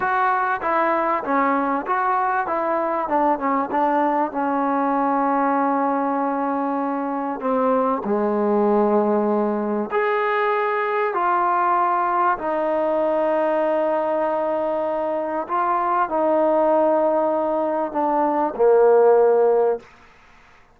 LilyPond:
\new Staff \with { instrumentName = "trombone" } { \time 4/4 \tempo 4 = 97 fis'4 e'4 cis'4 fis'4 | e'4 d'8 cis'8 d'4 cis'4~ | cis'1 | c'4 gis2. |
gis'2 f'2 | dis'1~ | dis'4 f'4 dis'2~ | dis'4 d'4 ais2 | }